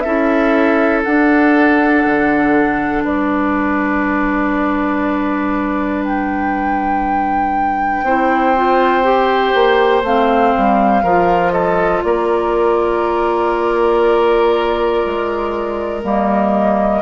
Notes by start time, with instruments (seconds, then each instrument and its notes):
0.00 bassoon C#4, clarinet E4, oboe A4, flute E5
1.03 clarinet D4, bassoon D4, flute F#5
2.05 bassoon D3
3.04 bassoon G3, oboe B4, flute D5
6.03 flute G5
8.02 bassoon C4, clarinet E4, oboe C5
8.55 clarinet F4
9.03 clarinet G4
9.54 bassoon A#3
10.03 bassoon A3, clarinet C4, flute F5
10.57 bassoon G3
11.03 bassoon F3, clarinet F4, oboe A#4
11.52 oboe A4, flute D#5
12.03 bassoon A#3, oboe A#4, flute D5
15.05 bassoon G#3
16.03 bassoon G3, clarinet A#3, flute D#5